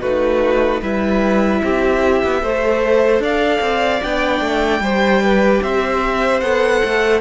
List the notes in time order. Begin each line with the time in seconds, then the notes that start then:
0.00 A3 D#4 F#4 B4
0.81 G3 E4 B4 E5
1.63 C4 G4
2.23 B3
2.42 A3 A4 C5
3.19 D4 D5 F5
3.60 C4
4.00 B3 D4 G5
4.41 A3
4.79 G3 G4 C5
5.22 B4
5.62 C4 C5 E5
6.40 B3 A4 F#5
6.84 A3